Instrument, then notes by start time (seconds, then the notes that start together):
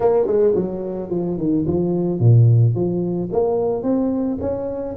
tuba
0.00 A#3
0.26 G#3
0.55 F#3
1.10 F3
1.37 D#3
1.67 F3
2.19 A#2
2.74 F3
3.32 A#3
3.83 C4
4.40 C#4